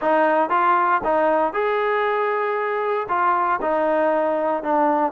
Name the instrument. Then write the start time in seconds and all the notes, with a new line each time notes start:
trombone
0.01 D#4
0.49 F4
1.04 D#4
1.53 G#4
3.08 F4
3.61 D#4
4.63 D4